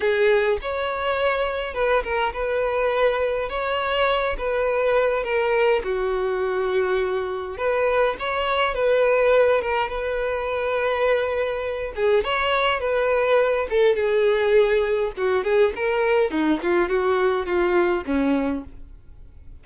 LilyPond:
\new Staff \with { instrumentName = "violin" } { \time 4/4 \tempo 4 = 103 gis'4 cis''2 b'8 ais'8 | b'2 cis''4. b'8~ | b'4 ais'4 fis'2~ | fis'4 b'4 cis''4 b'4~ |
b'8 ais'8 b'2.~ | b'8 gis'8 cis''4 b'4. a'8 | gis'2 fis'8 gis'8 ais'4 | dis'8 f'8 fis'4 f'4 cis'4 | }